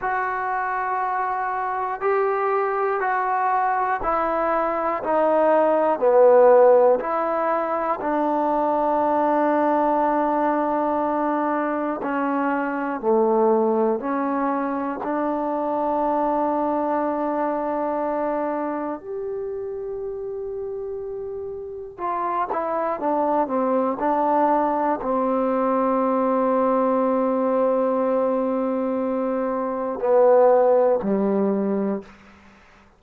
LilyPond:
\new Staff \with { instrumentName = "trombone" } { \time 4/4 \tempo 4 = 60 fis'2 g'4 fis'4 | e'4 dis'4 b4 e'4 | d'1 | cis'4 a4 cis'4 d'4~ |
d'2. g'4~ | g'2 f'8 e'8 d'8 c'8 | d'4 c'2.~ | c'2 b4 g4 | }